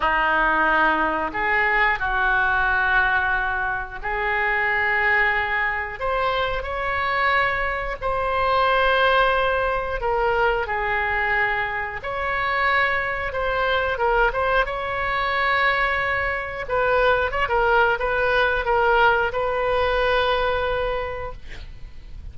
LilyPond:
\new Staff \with { instrumentName = "oboe" } { \time 4/4 \tempo 4 = 90 dis'2 gis'4 fis'4~ | fis'2 gis'2~ | gis'4 c''4 cis''2 | c''2. ais'4 |
gis'2 cis''2 | c''4 ais'8 c''8 cis''2~ | cis''4 b'4 cis''16 ais'8. b'4 | ais'4 b'2. | }